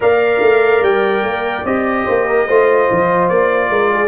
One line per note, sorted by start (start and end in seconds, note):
0.00 0.40 A#3
0.00 1.64 A#4
0.00 2.05 D5
0.00 0.83 F5
0.40 0.82 A3
0.82 1.22 G3
0.82 1.65 G5
1.22 1.63 A#3
1.64 2.05 C4
1.64 2.47 G4
1.64 3.28 D#5
2.05 2.48 A#3
2.05 2.25 C5
2.27 2.46 A#4
2.46 2.89 A3
2.46 4.07 F4
2.46 3.70 C5
2.91 3.30 F3
3.28 3.69 A#3
3.28 4.07 D5
3.69 4.07 G#3
3.69 3.91 A#4
3.92 4.07 G#4